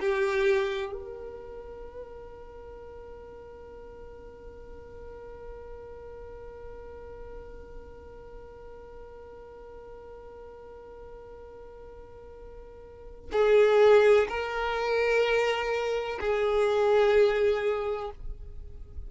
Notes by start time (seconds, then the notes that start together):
0.00 G4
0.93 A#4
13.32 G#4
14.29 A#4
16.20 G#4